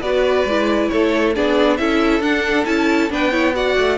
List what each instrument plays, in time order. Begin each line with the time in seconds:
0.00 cello B3, viola F#4, violin B4 D5
0.45 cello G#3, viola E4
0.89 cello A3, violin A4 C#5
1.35 cello B3, viola D4, violin G#4 D5
1.77 cello C#4, viola E4, violin A4 E5
2.20 cello D4, viola D4, violin F#5
2.66 cello C#4, viola E4, violin A5
3.10 cello B3, viola D4, violin B4 G5
3.31 viola E4, violin C#5
3.54 viola F#4, violin D5 F#5
3.78 cello A3